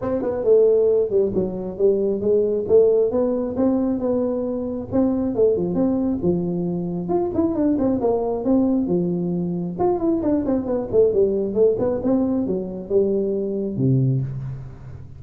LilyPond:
\new Staff \with { instrumentName = "tuba" } { \time 4/4 \tempo 4 = 135 c'8 b8 a4. g8 fis4 | g4 gis4 a4 b4 | c'4 b2 c'4 | a8 f8 c'4 f2 |
f'8 e'8 d'8 c'8 ais4 c'4 | f2 f'8 e'8 d'8 c'8 | b8 a8 g4 a8 b8 c'4 | fis4 g2 c4 | }